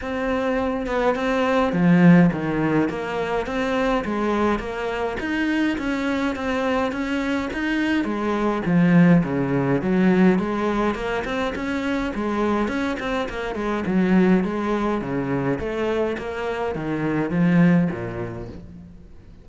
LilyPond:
\new Staff \with { instrumentName = "cello" } { \time 4/4 \tempo 4 = 104 c'4. b8 c'4 f4 | dis4 ais4 c'4 gis4 | ais4 dis'4 cis'4 c'4 | cis'4 dis'4 gis4 f4 |
cis4 fis4 gis4 ais8 c'8 | cis'4 gis4 cis'8 c'8 ais8 gis8 | fis4 gis4 cis4 a4 | ais4 dis4 f4 ais,4 | }